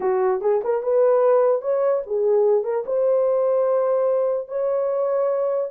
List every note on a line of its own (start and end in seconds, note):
0.00 0.41 F#4
0.41 0.61 G#4
0.64 0.83 A#4
0.83 1.61 B4
1.61 2.02 C#5
2.06 2.64 G#4
2.64 2.84 A#4
2.86 4.47 C5
4.47 5.70 C#5